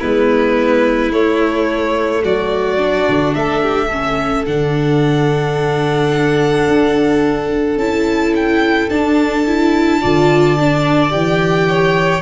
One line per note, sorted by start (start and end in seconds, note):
0.00 1.13 G#3
0.00 1.12 B3
0.00 2.22 E4
0.00 1.12 B4
1.12 2.78 A3
1.12 2.24 A3
1.12 2.24 C#5
2.24 3.08 F#3
2.24 3.35 F#4
2.24 3.34 D5
2.78 3.89 D4
3.09 3.36 D3
3.34 4.47 A3
3.34 3.62 A4
3.34 4.46 E5
3.62 3.88 G4
3.88 4.47 C#4
3.88 9.99 A4
4.46 6.68 D3
4.46 7.80 D4
4.46 7.78 F#5
6.68 7.77 D4
7.77 8.88 C#4
7.77 8.90 E4
7.77 8.34 A5
8.36 8.90 G5
8.90 9.46 D4
8.90 10.02 D4
8.90 11.12 A5
9.47 10.02 E4
10.02 11.14 D3
10.02 10.58 F4
10.02 11.68 D5
10.59 11.10 D4
11.10 12.22 E3
11.10 12.21 G4
11.10 12.22 G5
11.69 12.22 C#5